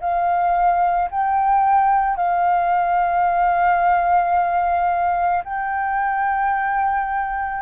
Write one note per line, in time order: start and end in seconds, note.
0.00 1.09 F5
1.11 2.16 G5
2.16 5.43 F5
5.44 7.62 G5